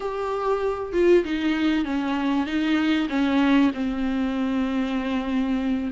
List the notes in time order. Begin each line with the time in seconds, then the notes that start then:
0.00 G4
0.93 F4
1.24 D#4
1.84 C#4
2.46 D#4
3.09 C#4
3.74 C4